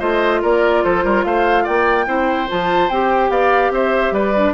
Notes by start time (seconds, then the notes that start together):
0.00 A3 F4 C5 D#5
0.43 A#3 A#4 D5
0.84 F3 A4 C5
1.04 G3 A#4
1.25 A3 C5 F5
1.64 A#3 D5 G5
2.07 C4 E4 C5
2.49 F3 F4 A5
2.90 C4 G4 G5
3.30 B3 D5 F5
3.71 C4 C5 E5
4.12 G3 B4 D5
4.37 D4